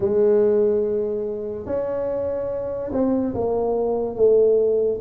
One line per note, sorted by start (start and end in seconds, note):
0.00 1.66 G#3
1.66 2.91 C#4
2.92 3.33 C4
3.34 4.15 A#3
4.15 4.98 A3